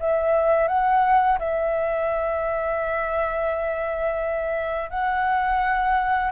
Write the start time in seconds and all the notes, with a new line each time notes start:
0.00 E5
0.68 F#5
1.39 E5
4.90 F#5